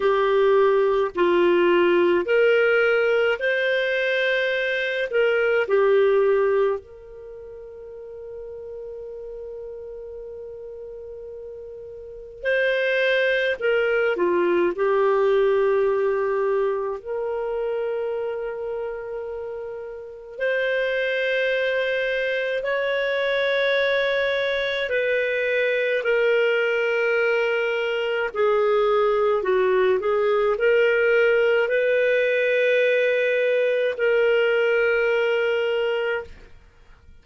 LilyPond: \new Staff \with { instrumentName = "clarinet" } { \time 4/4 \tempo 4 = 53 g'4 f'4 ais'4 c''4~ | c''8 ais'8 g'4 ais'2~ | ais'2. c''4 | ais'8 f'8 g'2 ais'4~ |
ais'2 c''2 | cis''2 b'4 ais'4~ | ais'4 gis'4 fis'8 gis'8 ais'4 | b'2 ais'2 | }